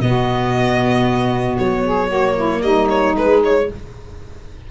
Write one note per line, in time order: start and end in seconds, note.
0.00 1.57 B2
0.00 2.11 B3
0.00 1.85 F#4
0.00 1.57 D#5
1.58 2.63 F#3
1.58 2.62 C#5
1.85 2.08 G#4
2.08 3.15 A#3
2.08 2.34 F#4
2.35 2.61 E4
2.62 3.15 G3
2.62 3.67 D#4
2.62 2.88 D#5
2.90 3.16 C#5
3.15 3.68 G#3
3.15 3.43 B4
3.44 3.71 C#5